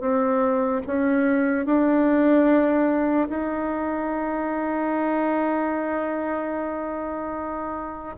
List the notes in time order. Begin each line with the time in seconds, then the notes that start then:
0.00 C4
0.86 C#4
1.66 D4
3.29 D#4